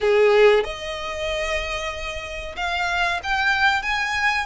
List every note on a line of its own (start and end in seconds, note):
0.00 0.64 G#4
0.64 2.55 D#5
2.56 3.20 F5
3.23 3.82 G5
3.82 4.45 G#5